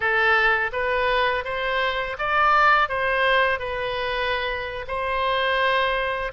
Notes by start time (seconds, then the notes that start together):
0.00 A4
0.72 B4
1.44 C5
2.18 D5
2.88 C5
3.59 B4
4.87 C5